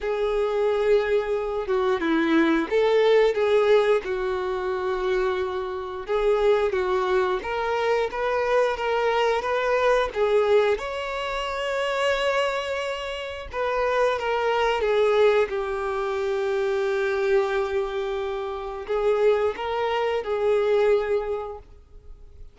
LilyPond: \new Staff \with { instrumentName = "violin" } { \time 4/4 \tempo 4 = 89 gis'2~ gis'8 fis'8 e'4 | a'4 gis'4 fis'2~ | fis'4 gis'4 fis'4 ais'4 | b'4 ais'4 b'4 gis'4 |
cis''1 | b'4 ais'4 gis'4 g'4~ | g'1 | gis'4 ais'4 gis'2 | }